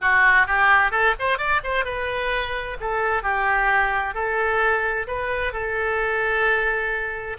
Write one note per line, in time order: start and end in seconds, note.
0.01 0.46 F#4
0.46 0.91 G4
0.91 1.14 A4
1.19 1.38 C5
1.38 1.61 D5
1.63 1.84 C5
1.84 2.77 B4
2.80 3.22 A4
3.22 4.14 G4
4.14 5.06 A4
5.07 5.52 B4
5.52 7.37 A4